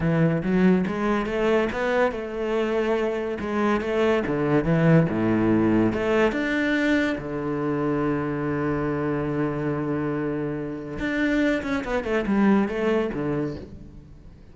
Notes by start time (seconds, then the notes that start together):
0.00 E3
0.42 F#3
0.86 G#3
1.26 A3
1.72 B3
2.11 A3
3.39 G#3
3.80 A3
4.26 D3
4.64 E3
5.09 A2
5.93 A3
6.31 D4
7.18 D3
10.99 D4
11.63 C#4
11.84 B3
12.04 A3
12.26 G3
12.68 A3
13.13 D3